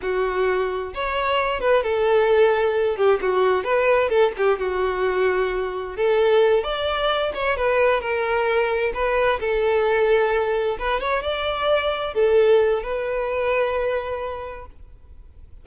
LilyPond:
\new Staff \with { instrumentName = "violin" } { \time 4/4 \tempo 4 = 131 fis'2 cis''4. b'8 | a'2~ a'8 g'8 fis'4 | b'4 a'8 g'8 fis'2~ | fis'4 a'4. d''4. |
cis''8 b'4 ais'2 b'8~ | b'8 a'2. b'8 | cis''8 d''2 a'4. | b'1 | }